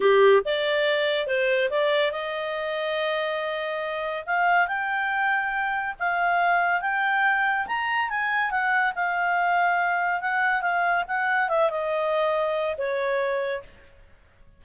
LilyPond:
\new Staff \with { instrumentName = "clarinet" } { \time 4/4 \tempo 4 = 141 g'4 d''2 c''4 | d''4 dis''2.~ | dis''2 f''4 g''4~ | g''2 f''2 |
g''2 ais''4 gis''4 | fis''4 f''2. | fis''4 f''4 fis''4 e''8 dis''8~ | dis''2 cis''2 | }